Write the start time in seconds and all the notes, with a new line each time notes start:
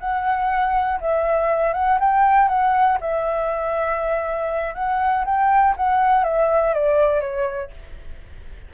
0.00 F#5
1.01 E5
1.74 F#5
2.00 G5
2.48 F#5
3.01 E5
4.75 F#5
5.25 G5
5.77 F#5
6.24 E5
6.74 D5
7.21 C#5